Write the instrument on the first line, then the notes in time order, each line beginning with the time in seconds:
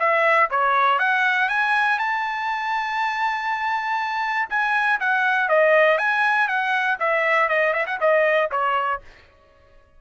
trumpet
0.00 E5
0.50 C#5
0.99 F#5
1.49 G#5
1.99 A5
4.50 G#5
5.00 F#5
5.49 D#5
5.98 G#5
6.48 F#5
7.00 E5
7.49 D#5
7.73 E5
7.86 F#5
8.00 D#5
8.51 C#5